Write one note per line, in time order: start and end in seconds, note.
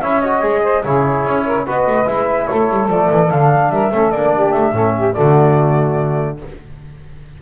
0.00 0.43 C#4
0.00 0.22 E4
0.00 0.62 C#5
0.00 0.21 E5
0.21 0.41 F#4
0.21 0.83 D#5
0.41 0.84 G#3
0.41 0.82 G#4
0.63 0.83 C5
0.84 1.24 C#3
0.84 1.66 E4
0.84 1.45 G#4
0.84 1.66 C#5
1.24 1.66 C#4
1.45 1.64 A#4
1.64 1.86 B3
1.64 2.06 F#4
1.64 2.46 B4
1.64 2.08 D#5
1.86 2.07 A3
2.06 2.48 G#3
2.06 2.88 E4
2.06 2.47 E5
2.47 2.70 A3
2.47 3.71 A4
2.47 2.88 C#5
2.70 2.87 G3
2.87 3.08 F3
2.87 3.30 A3
2.87 3.30 D5
3.10 3.30 E3
3.30 3.70 D3
3.30 3.92 D4
3.30 3.71 F5
3.70 3.90 G3
3.70 3.92 A#4
3.70 4.11 E5
3.91 4.11 A3
3.91 4.13 C#4
3.91 4.34 A4
4.11 4.53 A#3
4.11 4.74 D4
4.11 4.52 D5
4.34 4.73 G4
4.52 4.71 A3
4.52 5.13 E5
4.71 5.13 A2
4.71 5.14 C#4
4.71 4.94 A4
4.96 5.14 G4
5.13 6.42 D3
5.13 6.37 A3
5.13 6.38 F#4
5.13 6.37 D5